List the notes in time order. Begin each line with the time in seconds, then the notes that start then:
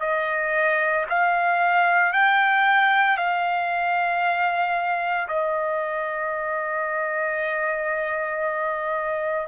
0.00 D#5
1.10 F5
2.13 G5
3.17 F5
5.28 D#5